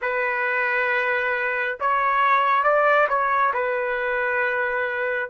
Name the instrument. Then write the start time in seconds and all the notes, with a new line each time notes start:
trumpet
0.01 B4
1.80 C#5
2.63 D5
3.08 C#5
3.53 B4